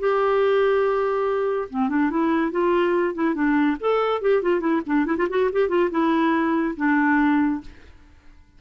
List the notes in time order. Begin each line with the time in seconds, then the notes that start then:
0.00 G4
1.70 C4
1.90 D4
2.11 E4
2.52 F4
3.15 E4
3.35 D4
3.80 A4
4.22 G4
4.43 F4
4.61 E4
4.87 D4
5.06 E4
5.18 F4
5.30 F#4
5.53 G4
5.69 F4
5.91 E4
6.77 D4